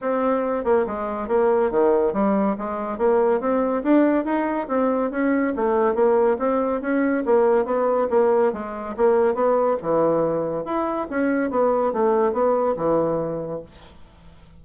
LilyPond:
\new Staff \with { instrumentName = "bassoon" } { \time 4/4 \tempo 4 = 141 c'4. ais8 gis4 ais4 | dis4 g4 gis4 ais4 | c'4 d'4 dis'4 c'4 | cis'4 a4 ais4 c'4 |
cis'4 ais4 b4 ais4 | gis4 ais4 b4 e4~ | e4 e'4 cis'4 b4 | a4 b4 e2 | }